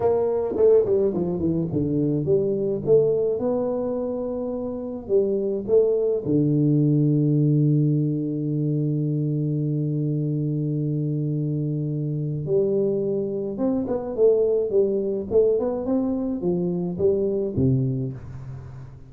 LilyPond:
\new Staff \with { instrumentName = "tuba" } { \time 4/4 \tempo 4 = 106 ais4 a8 g8 f8 e8 d4 | g4 a4 b2~ | b4 g4 a4 d4~ | d1~ |
d1~ | d2 g2 | c'8 b8 a4 g4 a8 b8 | c'4 f4 g4 c4 | }